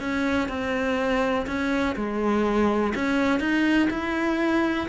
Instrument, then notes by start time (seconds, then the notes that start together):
cello
0.00 C#4
0.49 C4
1.47 C#4
1.96 G#3
2.95 C#4
3.40 D#4
3.90 E4